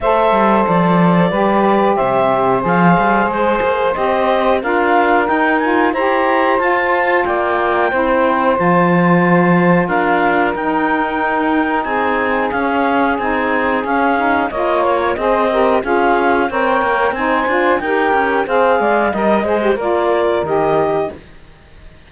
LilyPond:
<<
  \new Staff \with { instrumentName = "clarinet" } { \time 4/4 \tempo 4 = 91 e''4 d''2 e''4 | f''4 c''4 dis''4 f''4 | g''8 gis''8 ais''4 a''4 g''4~ | g''4 a''2 f''4 |
g''2 gis''4 f''4 | gis''4 f''4 dis''8 cis''8 dis''4 | f''4 g''4 gis''4 g''4 | f''4 dis''8 c''8 d''4 dis''4 | }
  \new Staff \with { instrumentName = "saxophone" } { \time 4/4 c''2 b'4 c''4~ | c''2. ais'4~ | ais'4 c''2 d''4 | c''2. ais'4~ |
ais'2 gis'2~ | gis'2 cis''4 c''8 ais'8 | gis'4 cis''4 c''4 ais'4 | c''8 d''8 dis''4 ais'2 | }
  \new Staff \with { instrumentName = "saxophone" } { \time 4/4 a'2 g'2 | gis'2 g'4 f'4 | dis'8 f'8 g'4 f'2 | e'4 f'2. |
dis'2. cis'4 | dis'4 cis'8 dis'8 f'4 gis'8 g'8 | f'4 ais'4 dis'8 f'8 g'4 | gis'4 ais'8 gis'16 g'16 f'4 g'4 | }
  \new Staff \with { instrumentName = "cello" } { \time 4/4 a8 g8 f4 g4 c4 | f8 g8 gis8 ais8 c'4 d'4 | dis'4 e'4 f'4 ais4 | c'4 f2 d'4 |
dis'2 c'4 cis'4 | c'4 cis'4 ais4 c'4 | cis'4 c'8 ais8 c'8 d'8 dis'8 cis'8 | c'8 gis8 g8 gis8 ais4 dis4 | }
>>